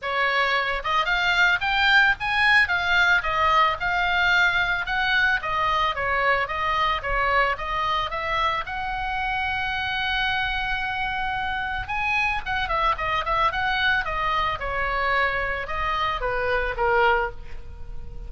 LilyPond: \new Staff \with { instrumentName = "oboe" } { \time 4/4 \tempo 4 = 111 cis''4. dis''8 f''4 g''4 | gis''4 f''4 dis''4 f''4~ | f''4 fis''4 dis''4 cis''4 | dis''4 cis''4 dis''4 e''4 |
fis''1~ | fis''2 gis''4 fis''8 e''8 | dis''8 e''8 fis''4 dis''4 cis''4~ | cis''4 dis''4 b'4 ais'4 | }